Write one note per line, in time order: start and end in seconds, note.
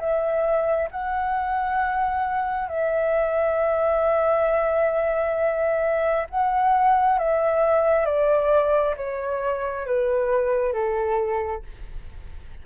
0.00 0.90 E5
0.91 2.69 F#5
2.69 6.27 E5
6.30 7.19 F#5
7.19 8.06 E5
8.06 8.95 D5
8.97 9.87 C#5
9.87 10.73 B4
10.73 11.63 A4